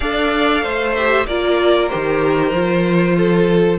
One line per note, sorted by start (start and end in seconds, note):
0.00 0.63 D4
0.00 0.95 A4
0.00 0.63 D5
0.00 0.94 F5
0.63 1.27 A3
0.63 1.26 C5
0.94 1.28 G4
0.94 1.26 E5
1.27 1.90 A#3
1.27 1.89 F4
1.27 3.16 A#4
1.27 1.88 D5
1.88 2.52 D#3
1.88 2.52 G4
1.88 3.78 C5
2.52 3.78 F3
2.52 3.78 F4
3.17 3.78 A4